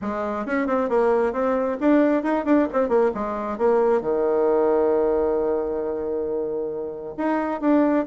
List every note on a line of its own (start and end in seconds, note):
0.01 0.46 G#3
0.46 0.66 C#4
0.66 0.89 C4
0.89 1.32 A#3
1.32 1.77 C4
1.80 2.23 D4
2.23 2.45 D#4
2.45 2.67 D4
2.73 2.88 C4
2.88 3.11 A#3
3.14 3.57 G#3
3.57 4.01 A#3
4.01 7.14 D#3
7.17 7.60 D#4
7.60 8.05 D4